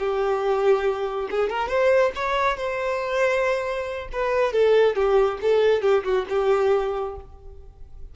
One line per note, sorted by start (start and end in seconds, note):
0.00 1.29 G4
1.31 1.50 G#4
1.50 1.69 A#4
1.69 2.12 C5
2.16 2.58 C#5
2.58 4.09 C5
4.13 4.53 B4
4.53 4.96 A4
4.96 5.39 G4
5.42 5.83 A4
5.83 6.04 G4
6.04 6.26 F#4
6.30 7.16 G4